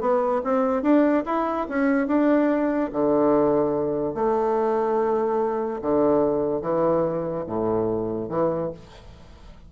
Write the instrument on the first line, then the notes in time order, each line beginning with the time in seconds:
bassoon
0.00 B3
0.44 C4
0.82 D4
1.25 E4
1.69 C#4
2.07 D4
2.92 D3
4.14 A3
5.81 D3
6.62 E3
7.46 A2
8.29 E3